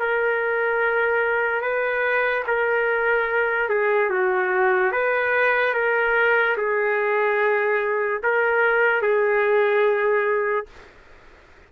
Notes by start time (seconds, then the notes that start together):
0.00 A#4
1.62 B4
2.47 A#4
3.69 G#4
4.11 F#4
4.92 B4
5.75 A#4
6.58 G#4
8.24 A#4
9.02 G#4